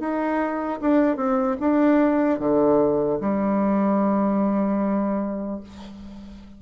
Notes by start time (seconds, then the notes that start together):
0.00 D#4
0.81 D4
1.17 C4
1.60 D4
2.39 D3
3.21 G3